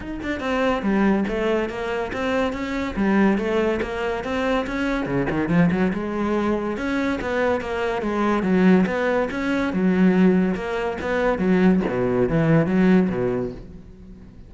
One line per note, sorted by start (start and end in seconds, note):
0.00 0.20 D#4
0.22 0.40 D4
0.40 0.82 C4
0.82 1.24 G3
1.28 1.69 A3
1.69 2.11 A#3
2.13 2.52 C4
2.52 2.95 C#4
2.96 3.37 G3
3.37 3.80 A3
3.81 4.23 A#3
4.23 4.66 C4
4.66 5.06 C#4
5.06 5.27 C#3
5.30 5.48 D#3
5.48 5.69 F3
5.71 5.92 F#3
5.93 6.77 G#3
6.77 7.19 C#4
7.21 7.60 B3
7.60 8.02 A#3
8.02 8.43 G#3
8.43 8.85 F#3
8.86 9.28 B3
9.30 9.73 C#4
9.73 10.54 F#3
10.54 10.97 A#3
11.01 11.38 B3
11.38 11.80 F#3
11.88 12.29 B2
12.29 12.66 E3
12.66 13.09 F#3
13.09 13.51 B2